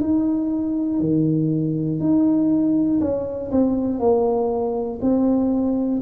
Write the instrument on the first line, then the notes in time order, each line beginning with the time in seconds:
tuba
0.00 D#4
1.00 D#3
2.00 D#4
3.00 C#4
3.51 C4
3.99 A#3
5.01 C4